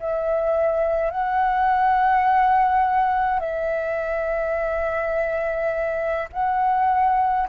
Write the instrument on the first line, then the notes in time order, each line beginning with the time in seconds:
flute
0.00 E5
1.11 F#5
3.40 E5
6.33 F#5